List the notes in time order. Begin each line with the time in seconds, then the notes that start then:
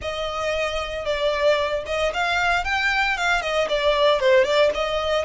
0.01 D#5
1.05 D5
1.86 D#5
2.13 F5
2.64 G5
3.17 F5
3.41 D#5
3.68 D5
4.20 C5
4.44 D5
4.74 D#5